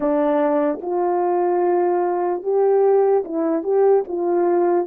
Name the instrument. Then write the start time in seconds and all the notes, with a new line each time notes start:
horn
0.00 D4
0.81 F4
2.42 G4
3.24 E4
3.63 G4
4.08 F4